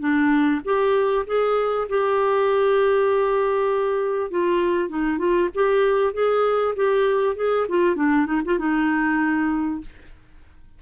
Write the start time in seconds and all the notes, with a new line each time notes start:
0.00 D4
0.65 G4
1.27 G#4
1.89 G4
4.31 F4
4.89 D#4
5.18 F4
5.55 G4
6.13 G#4
6.76 G4
7.36 G#4
7.69 F4
7.96 D4
8.26 D#4
8.45 F4
8.59 D#4